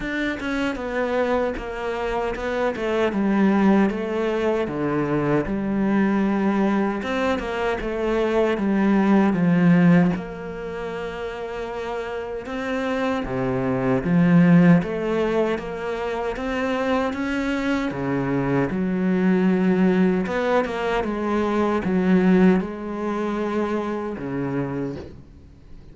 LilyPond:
\new Staff \with { instrumentName = "cello" } { \time 4/4 \tempo 4 = 77 d'8 cis'8 b4 ais4 b8 a8 | g4 a4 d4 g4~ | g4 c'8 ais8 a4 g4 | f4 ais2. |
c'4 c4 f4 a4 | ais4 c'4 cis'4 cis4 | fis2 b8 ais8 gis4 | fis4 gis2 cis4 | }